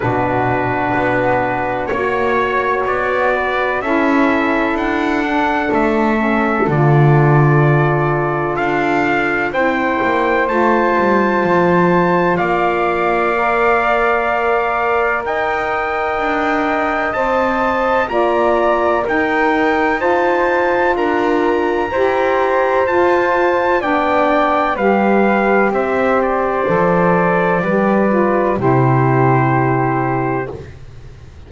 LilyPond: <<
  \new Staff \with { instrumentName = "trumpet" } { \time 4/4 \tempo 4 = 63 b'2 cis''4 d''4 | e''4 fis''4 e''4 d''4~ | d''4 f''4 g''4 a''4~ | a''4 f''2. |
g''2 a''4 ais''4 | g''4 a''4 ais''2 | a''4 g''4 f''4 e''8 d''8~ | d''2 c''2 | }
  \new Staff \with { instrumentName = "flute" } { \time 4/4 fis'2 cis''4. b'8 | a'1~ | a'2 c''2~ | c''4 d''2. |
dis''2. d''4 | ais'4 c''4 ais'4 c''4~ | c''4 d''4 b'4 c''4~ | c''4 b'4 g'2 | }
  \new Staff \with { instrumentName = "saxophone" } { \time 4/4 d'2 fis'2 | e'4. d'4 cis'8 f'4~ | f'2 e'4 f'4~ | f'2 ais'2~ |
ais'2 c''4 f'4 | dis'4 f'2 g'4 | f'4 d'4 g'2 | a'4 g'8 f'8 e'2 | }
  \new Staff \with { instrumentName = "double bass" } { \time 4/4 b,4 b4 ais4 b4 | cis'4 d'4 a4 d4~ | d4 d'4 c'8 ais8 a8 g8 | f4 ais2. |
dis'4 d'4 c'4 ais4 | dis'2 d'4 e'4 | f'4 b4 g4 c'4 | f4 g4 c2 | }
>>